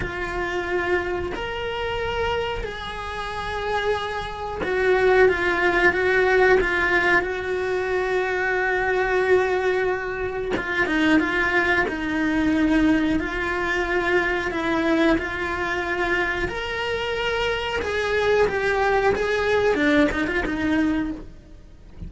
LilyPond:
\new Staff \with { instrumentName = "cello" } { \time 4/4 \tempo 4 = 91 f'2 ais'2 | gis'2. fis'4 | f'4 fis'4 f'4 fis'4~ | fis'1 |
f'8 dis'8 f'4 dis'2 | f'2 e'4 f'4~ | f'4 ais'2 gis'4 | g'4 gis'4 d'8 dis'16 f'16 dis'4 | }